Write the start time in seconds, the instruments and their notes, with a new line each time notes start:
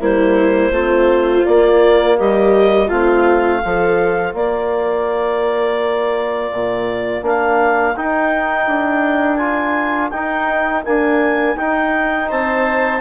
0.00 trombone G3, bassoon A#3, viola E4, clarinet C5
0.71 bassoon A3, trombone C4, viola F4
1.43 trombone A#3, bassoon A#3, clarinet D5
2.18 bassoon G3, viola G4, clarinet D#5
2.87 bassoon A3, trombone C4, viola F4, clarinet F5
3.63 bassoon F3, trombone F4, viola A4
4.34 bassoon A#3, viola A#4, clarinet D5
6.52 bassoon A#2
7.22 bassoon A#3, trombone D4, clarinet F5
7.96 trombone D#4, bassoon D#4, clarinet G5
8.67 bassoon D4
9.36 trombone F4, clarinet G#5
10.10 trombone D#4, bassoon D#4, clarinet G5
10.84 trombone A#3, bassoon D4, clarinet G#5
11.55 bassoon D#4, trombone D#4, clarinet G5
12.28 bassoon C4, viola C5, clarinet A5